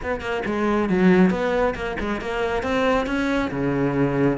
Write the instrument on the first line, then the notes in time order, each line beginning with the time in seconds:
cello
0.02 B3
0.20 A#3
0.45 G#3
0.89 F#3
1.30 B3
1.75 A#3
1.99 G#3
2.20 A#3
2.63 C4
3.06 C#4
3.51 C#3